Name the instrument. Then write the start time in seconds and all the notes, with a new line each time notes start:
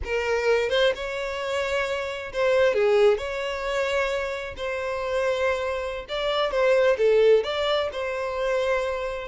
violin
0.04 A#4
0.69 C5
0.95 C#5
2.32 C5
2.74 G#4
3.17 C#5
4.56 C5
6.08 D5
6.51 C5
6.97 A4
7.43 D5
7.92 C5